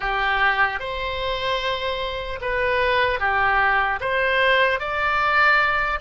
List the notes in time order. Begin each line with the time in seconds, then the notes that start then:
0.00 G4
0.79 C5
2.41 B4
3.19 G4
4.00 C5
4.79 D5